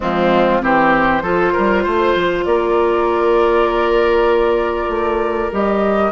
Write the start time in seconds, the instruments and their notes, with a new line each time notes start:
0.00 bassoon F3, clarinet G#3, oboe C4, flute F4
0.61 bassoon E3, clarinet C4, oboe G4, flute C5
1.22 bassoon F3, clarinet F4, oboe A4
1.52 bassoon G3, oboe A#4
1.83 bassoon A3, oboe C5
2.15 bassoon F3
2.45 bassoon A#3, oboe A#4, flute D5
4.88 bassoon A3
5.52 bassoon G3, clarinet G4, flute D#5